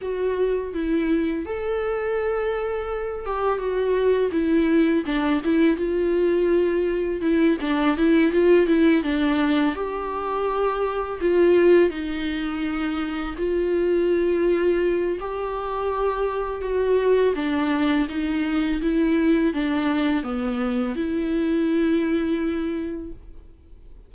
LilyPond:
\new Staff \with { instrumentName = "viola" } { \time 4/4 \tempo 4 = 83 fis'4 e'4 a'2~ | a'8 g'8 fis'4 e'4 d'8 e'8 | f'2 e'8 d'8 e'8 f'8 | e'8 d'4 g'2 f'8~ |
f'8 dis'2 f'4.~ | f'4 g'2 fis'4 | d'4 dis'4 e'4 d'4 | b4 e'2. | }